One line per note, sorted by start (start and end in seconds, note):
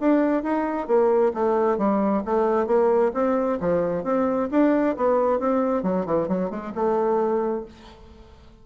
0.00 0.43 D4
0.43 0.87 D#4
0.87 1.32 A#3
1.33 1.78 A3
1.78 2.23 G3
2.25 2.67 A3
2.67 3.12 A#3
3.14 3.59 C4
3.60 4.04 F3
4.04 4.49 C4
4.51 4.96 D4
4.96 5.39 B3
5.39 5.83 C4
5.83 6.06 F#3
6.06 6.28 E3
6.28 6.50 F#3
6.50 6.73 G#3
6.75 7.65 A3